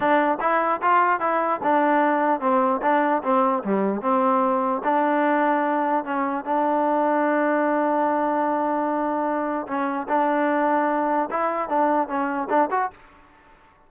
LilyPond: \new Staff \with { instrumentName = "trombone" } { \time 4/4 \tempo 4 = 149 d'4 e'4 f'4 e'4 | d'2 c'4 d'4 | c'4 g4 c'2 | d'2. cis'4 |
d'1~ | d'1 | cis'4 d'2. | e'4 d'4 cis'4 d'8 fis'8 | }